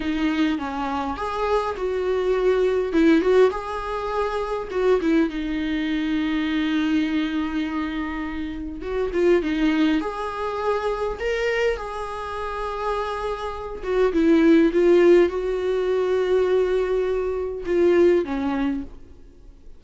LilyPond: \new Staff \with { instrumentName = "viola" } { \time 4/4 \tempo 4 = 102 dis'4 cis'4 gis'4 fis'4~ | fis'4 e'8 fis'8 gis'2 | fis'8 e'8 dis'2.~ | dis'2. fis'8 f'8 |
dis'4 gis'2 ais'4 | gis'2.~ gis'8 fis'8 | e'4 f'4 fis'2~ | fis'2 f'4 cis'4 | }